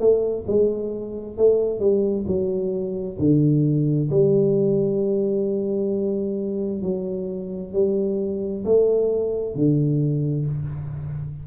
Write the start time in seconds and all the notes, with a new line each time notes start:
0.00 A3
0.48 G#3
1.38 A3
1.80 G3
2.28 F#3
3.19 D3
4.11 G3
6.82 F#3
7.73 G3
8.65 A3
9.55 D3